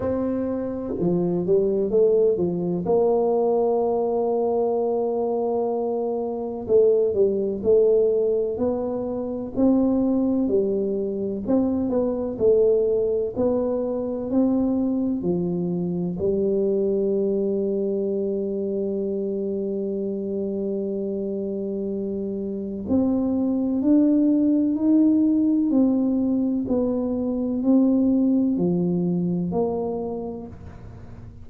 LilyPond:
\new Staff \with { instrumentName = "tuba" } { \time 4/4 \tempo 4 = 63 c'4 f8 g8 a8 f8 ais4~ | ais2. a8 g8 | a4 b4 c'4 g4 | c'8 b8 a4 b4 c'4 |
f4 g2.~ | g1 | c'4 d'4 dis'4 c'4 | b4 c'4 f4 ais4 | }